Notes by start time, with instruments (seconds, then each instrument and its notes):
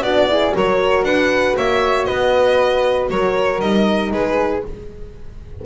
0.00 double bass B3, horn D4, flute F#4, violin D5
0.28 horn E4, flute G#4
0.52 double bass F#3, horn F#4, flute A#4, violin C#5
1.03 double bass D4, flute B4, violin F#5
1.56 double bass A#3, flute C#5, violin E5
2.04 double bass B3, flute B4, violin D#5
3.10 double bass F#3, flute A#4, violin C#5
3.60 double bass G3, horn D#4, violin D#5
4.11 double bass G#3, flute G#4, violin B4